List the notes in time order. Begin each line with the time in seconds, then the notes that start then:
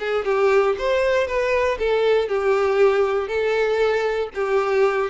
0.00 G#4
0.25 G4
0.79 C5
1.28 B4
1.79 A4
2.29 G4
3.28 A4
4.35 G4